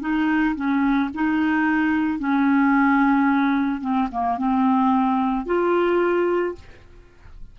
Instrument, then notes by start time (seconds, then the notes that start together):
clarinet
0.00 D#4
0.55 C#4
1.14 D#4
2.19 C#4
3.80 C4
4.11 A#3
4.37 C4
5.45 F4